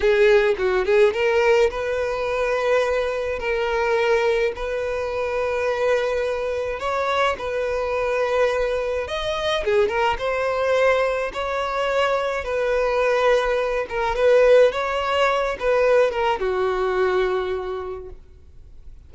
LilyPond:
\new Staff \with { instrumentName = "violin" } { \time 4/4 \tempo 4 = 106 gis'4 fis'8 gis'8 ais'4 b'4~ | b'2 ais'2 | b'1 | cis''4 b'2. |
dis''4 gis'8 ais'8 c''2 | cis''2 b'2~ | b'8 ais'8 b'4 cis''4. b'8~ | b'8 ais'8 fis'2. | }